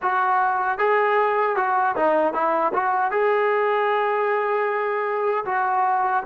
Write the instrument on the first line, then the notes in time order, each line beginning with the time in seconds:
trombone
0.01 F#4
0.78 G#4
1.56 F#4
1.96 D#4
2.33 E4
2.73 F#4
3.11 G#4
5.45 F#4